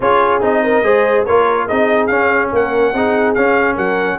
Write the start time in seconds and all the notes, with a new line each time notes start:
0.00 C#4 F4 G#4 C#5
0.41 C4 D#4 D#5
0.63 A#4
0.82 G#3 G#4 C5
1.24 A#3 F4 A#4 C#5
1.66 C4 D#4 G#4 D#5
2.06 C#4 F5
2.52 A#3 A#4 F#5
2.93 C4 D#4 G#4
3.34 C#4 F5
3.74 F#3 A#4 F#5